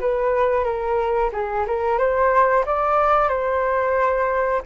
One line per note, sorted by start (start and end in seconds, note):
0.00 0.64 B4
0.64 1.31 A#4
1.32 1.66 G#4
1.67 1.98 A#4
1.98 2.65 C5
2.65 3.28 D5
3.28 4.62 C5